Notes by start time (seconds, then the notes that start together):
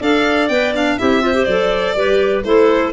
0.00 D4 A4 D5 F5
0.49 B3 B4 G5
0.75 D4 F5
0.99 C4 E4 G4 E5
1.22 F4 C5
1.34 G4
1.45 F#3 A4 D5
1.96 G3 G4 B4
2.44 A3 E4 A4 C5